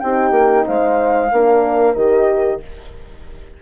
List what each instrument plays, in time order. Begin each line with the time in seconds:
0.00 bassoon C4, horn D#4 G4, flute G5
0.31 bassoon A#3
0.66 bassoon G#3, horn C5, flute F5
1.32 bassoon A#3, horn D4 A#4
1.94 bassoon D#3, horn G4, flute D#5